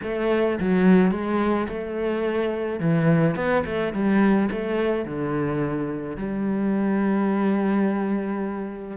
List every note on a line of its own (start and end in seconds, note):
0.03 0.59 A3
0.60 1.11 F#3
1.11 1.67 G#3
1.68 2.79 A3
2.79 3.35 E3
3.35 3.63 B3
3.65 3.93 A3
3.93 4.49 G3
4.51 5.05 A3
5.05 6.16 D3
6.16 8.97 G3